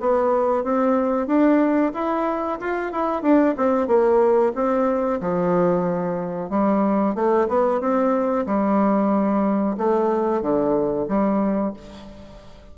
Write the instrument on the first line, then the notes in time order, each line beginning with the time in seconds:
bassoon
0.00 B3
0.64 C4
1.27 D4
1.94 E4
2.60 F4
2.92 E4
3.22 D4
3.57 C4
3.87 A#3
4.55 C4
5.20 F3
6.50 G3
7.15 A3
7.48 B3
7.80 C4
8.46 G3
9.77 A3
10.42 D3
11.08 G3